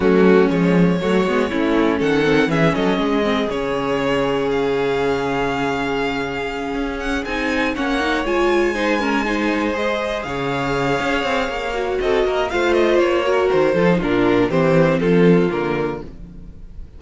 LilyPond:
<<
  \new Staff \with { instrumentName = "violin" } { \time 4/4 \tempo 4 = 120 fis'4 cis''2. | fis''4 e''8 dis''4. cis''4~ | cis''4 f''2.~ | f''2 fis''8 gis''4 fis''8~ |
fis''8 gis''2. dis''8~ | dis''8 f''2.~ f''8 | dis''4 f''8 dis''8 cis''4 c''4 | ais'4 c''4 a'4 ais'4 | }
  \new Staff \with { instrumentName = "violin" } { \time 4/4 cis'2 fis'4 e'4 | a'4 gis'8 a'8 gis'2~ | gis'1~ | gis'2.~ gis'8 cis''8~ |
cis''4. c''8 ais'8 c''4.~ | c''8 cis''2.~ cis''8 | a'8 ais'8 c''4. ais'4 a'8 | f'4 g'4 f'2 | }
  \new Staff \with { instrumentName = "viola" } { \time 4/4 a4 gis4 a8 b8 cis'4~ | cis'8 c'8 cis'4. c'8 cis'4~ | cis'1~ | cis'2~ cis'8 dis'4 cis'8 |
dis'8 f'4 dis'8 cis'8 dis'4 gis'8~ | gis'2.~ gis'8 fis'8~ | fis'4 f'4. fis'4 f'16 dis'16 | d'4 c'2 ais4 | }
  \new Staff \with { instrumentName = "cello" } { \time 4/4 fis4 f4 fis8 gis8 a4 | dis4 e8 fis8 gis4 cis4~ | cis1~ | cis4. cis'4 c'4 ais8~ |
ais8 gis2.~ gis8~ | gis8 cis4. cis'8 c'8 ais4 | c'8 ais8 a4 ais4 dis8 f8 | ais,4 e4 f4 d4 | }
>>